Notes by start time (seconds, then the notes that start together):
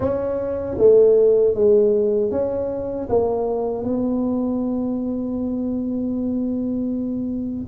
0.00 C#4
0.77 A3
1.54 G#3
2.31 C#4
3.09 A#3
3.84 B3